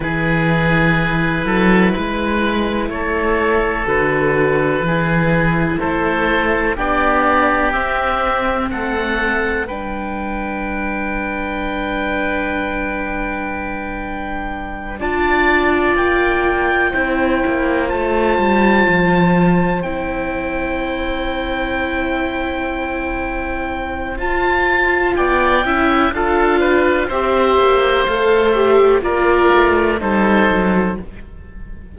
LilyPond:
<<
  \new Staff \with { instrumentName = "oboe" } { \time 4/4 \tempo 4 = 62 b'2. cis''4 | b'2 c''4 d''4 | e''4 fis''4 g''2~ | g''2.~ g''8 a''8~ |
a''8 g''2 a''4.~ | a''8 g''2.~ g''8~ | g''4 a''4 g''4 f''4 | e''4 f''8 e''8 d''4 c''4 | }
  \new Staff \with { instrumentName = "oboe" } { \time 4/4 gis'4. a'8 b'4 a'4~ | a'4 gis'4 a'4 g'4~ | g'4 a'4 b'2~ | b'2.~ b'8 d''8~ |
d''4. c''2~ c''8~ | c''1~ | c''2 d''8 e''8 a'8 b'8 | c''2 ais'4 a'4 | }
  \new Staff \with { instrumentName = "viola" } { \time 4/4 e'1 | fis'4 e'2 d'4 | c'2 d'2~ | d'2.~ d'8 f'8~ |
f'4. e'4 f'4.~ | f'8 e'2.~ e'8~ | e'4 f'4. e'8 f'4 | g'4 a'8 g'8 f'4 dis'4 | }
  \new Staff \with { instrumentName = "cello" } { \time 4/4 e4. fis8 gis4 a4 | d4 e4 a4 b4 | c'4 a4 g2~ | g2.~ g8 d'8~ |
d'8 ais4 c'8 ais8 a8 g8 f8~ | f8 c'2.~ c'8~ | c'4 f'4 b8 cis'8 d'4 | c'8 ais8 a4 ais8 a8 g8 fis8 | }
>>